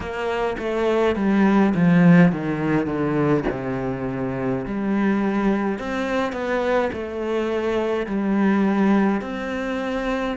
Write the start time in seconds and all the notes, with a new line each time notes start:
0.00 A#3
0.58 A3
1.15 G3
1.74 F3
2.31 D#3
2.86 D3
3.50 C3
4.65 G3
5.78 C4
6.32 B3
6.92 A3
8.06 G3
9.21 C4